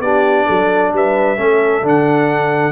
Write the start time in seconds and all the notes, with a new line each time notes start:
0.00 B3 D4 G4 D5
0.46 F#3 A4
0.93 G3 B4 E5
1.37 A3 C#4 A4
1.83 D3 D4 F#5